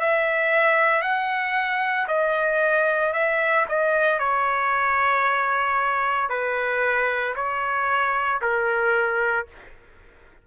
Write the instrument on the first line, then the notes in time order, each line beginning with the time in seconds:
trumpet
0.00 E5
1.02 F#5
2.08 D#5
3.13 E5
3.68 D#5
4.19 C#5
6.30 B4
7.35 C#5
8.41 A#4